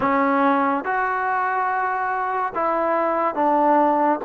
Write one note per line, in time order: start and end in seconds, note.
0.00 0.84 C#4
0.84 2.53 F#4
2.54 3.35 E4
3.35 4.19 D4